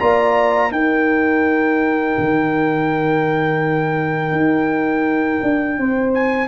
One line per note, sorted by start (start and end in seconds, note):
0.00 0.71 A#3
0.00 0.71 F4
0.00 0.73 D5
0.00 0.72 A#5
0.71 2.16 D#4
0.71 6.48 D#4
0.71 5.80 A#4
0.71 6.14 G5
2.18 4.32 D#3
4.32 5.40 D#4
5.43 5.78 D4
5.78 6.48 C4
5.78 6.48 C5
6.15 6.48 G#5